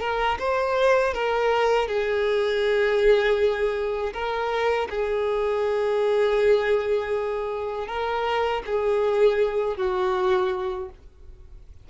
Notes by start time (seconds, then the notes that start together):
0.00 A#4
0.39 C5
1.14 A#4
1.88 G#4
4.13 A#4
4.90 G#4
7.88 A#4
8.66 G#4
9.77 F#4